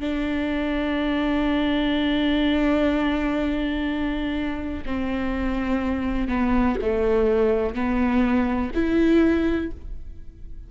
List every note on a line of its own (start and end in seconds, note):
0.00 4.84 D4
4.86 6.28 C4
6.28 6.77 B3
6.82 7.75 A3
7.75 8.72 B3
8.75 9.72 E4